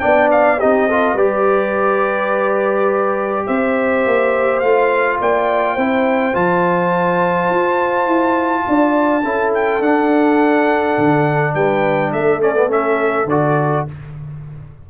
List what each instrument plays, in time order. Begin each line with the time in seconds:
0.00 tuba B3, trombone D4, horn D5, trumpet G5
0.31 trumpet F5
0.59 tuba C4, trombone D#4, horn G4, trumpet D#5
0.88 trombone F4, horn A4
1.14 tuba G3, trombone G4, horn B4, trumpet D5
3.47 tuba C4, horn C5, trumpet E5
4.06 tuba A#3
4.59 tuba A3, trombone F4, trumpet F5
5.21 tuba A#3, horn D5, trumpet G5
5.75 tuba C4, trombone E4, horn C5
6.34 tuba F3, trombone F4, trumpet A5
7.50 tuba F4
8.07 tuba E4
8.68 tuba D4, horn D5
9.24 tuba C#4, trombone E4, horn A4
9.54 trumpet G5
9.80 tuba D4, trombone D4, trumpet F#5
10.98 tuba D3
11.55 tuba G3, horn B4, trumpet G5
12.13 tuba A3, horn A4, trumpet E5
12.41 trombone C#4, trumpet D5
12.55 trombone B3
12.68 trombone C#4, trumpet E5
13.25 tuba D3, trombone F#4, trumpet D5